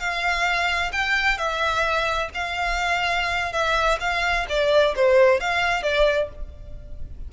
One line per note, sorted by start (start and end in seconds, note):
0.00 0.92 F5
0.92 1.38 G5
1.38 2.29 E5
2.34 3.52 F5
3.52 3.98 E5
4.00 4.46 F5
4.49 4.95 D5
4.96 5.40 C5
5.40 5.83 F5
5.83 6.29 D5